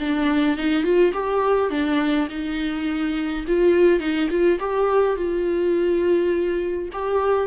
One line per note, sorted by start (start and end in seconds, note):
0.00 0.57 D4
0.57 0.83 D#4
0.83 1.12 F4
1.14 1.70 G4
1.70 2.28 D4
2.29 3.45 D#4
3.47 4.00 F4
4.00 4.29 D#4
4.30 4.59 F4
4.60 5.16 G4
5.16 6.89 F4
6.93 7.47 G4